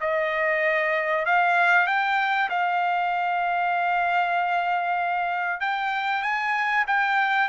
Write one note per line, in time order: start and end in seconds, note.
0.00 1.25 D#5
1.25 1.86 F5
1.86 2.49 G5
2.49 5.60 F5
5.60 6.22 G5
6.22 6.85 G#5
6.87 7.48 G5